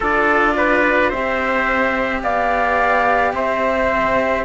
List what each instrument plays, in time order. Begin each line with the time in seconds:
0.00 cello D4 F4, trumpet A4, flute D5
0.57 trumpet B4
1.09 cello C4 G4, trumpet C5, flute E5
2.22 cello B3, trumpet D5, flute F5
3.32 cello C4, trumpet C5, flute E5